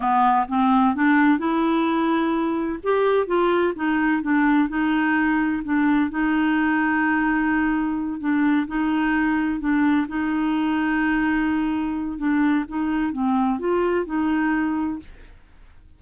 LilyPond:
\new Staff \with { instrumentName = "clarinet" } { \time 4/4 \tempo 4 = 128 b4 c'4 d'4 e'4~ | e'2 g'4 f'4 | dis'4 d'4 dis'2 | d'4 dis'2.~ |
dis'4. d'4 dis'4.~ | dis'8 d'4 dis'2~ dis'8~ | dis'2 d'4 dis'4 | c'4 f'4 dis'2 | }